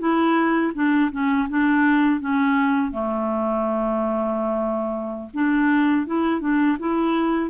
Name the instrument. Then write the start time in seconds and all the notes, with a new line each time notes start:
clarinet
0.00 E4
0.75 D4
1.12 C#4
1.50 D4
2.21 C#4
2.92 A3
5.34 D4
6.07 E4
6.41 D4
6.79 E4